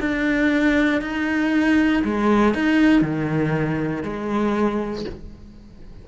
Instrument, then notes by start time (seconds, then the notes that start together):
cello
0.00 D4
1.01 D#4
2.04 G#3
2.54 D#4
3.01 D#3
4.03 G#3